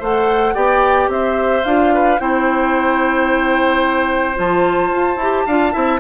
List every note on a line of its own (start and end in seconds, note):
0.00 0.56 A3
0.00 0.54 A4
0.00 0.55 C5
0.00 0.55 F#5
0.54 1.09 B3
0.54 1.64 G4
0.54 1.09 D5
0.54 1.10 G5
1.09 1.63 C4
1.09 1.94 C5
1.09 1.65 E5
1.65 2.20 D4
1.65 2.19 F4
1.65 2.19 F5
1.94 2.21 B4
2.19 4.38 C4
2.19 4.35 E4
2.19 5.46 C5
2.19 4.38 G5
4.35 4.92 F3
4.35 5.17 F4
4.35 6.00 A5
4.92 5.17 F4
5.17 5.44 E4
5.17 5.49 G4
5.46 5.75 D4
5.46 5.72 F4
5.46 5.73 F5
5.72 6.00 C4
5.72 5.99 E4
5.72 6.00 E5